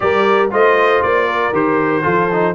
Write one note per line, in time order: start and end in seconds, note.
0.00 0.52 G3
0.00 0.49 G4
0.00 0.52 A#4
0.00 0.50 D5
0.51 1.03 A3
0.51 1.53 F4
0.51 1.27 C5
0.51 1.02 D#5
1.02 1.52 A#3
1.02 1.53 D5
1.27 2.03 A#4
1.52 2.03 D#3
1.52 2.03 G4
1.52 2.54 C5
2.03 2.54 F3
2.03 2.28 F4
2.03 2.54 A4
2.32 2.54 D#4